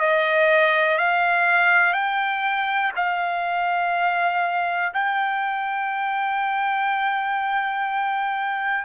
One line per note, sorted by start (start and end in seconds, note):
0.00 0.98 D#5
0.98 1.94 F5
1.94 2.92 G5
2.96 4.93 F5
4.94 8.85 G5